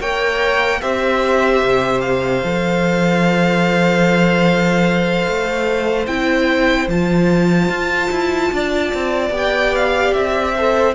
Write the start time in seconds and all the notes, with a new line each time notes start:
0.00 A#3 A#4 C#5 G5
0.82 C4 G4 C5 E5
1.62 C3
2.01 F5
2.43 F3 A4
5.28 A3
6.07 C4 E4 G5
6.88 F3 F4 A5
7.69 F4
8.11 E4
8.52 D4 D5
8.94 C4
9.30 B3 G4
9.37 G5
9.75 F5
10.14 C4 E5
10.55 A4 C5